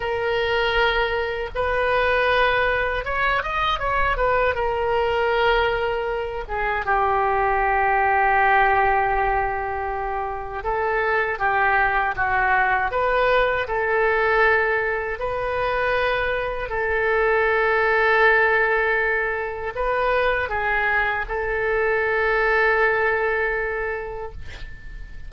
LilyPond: \new Staff \with { instrumentName = "oboe" } { \time 4/4 \tempo 4 = 79 ais'2 b'2 | cis''8 dis''8 cis''8 b'8 ais'2~ | ais'8 gis'8 g'2.~ | g'2 a'4 g'4 |
fis'4 b'4 a'2 | b'2 a'2~ | a'2 b'4 gis'4 | a'1 | }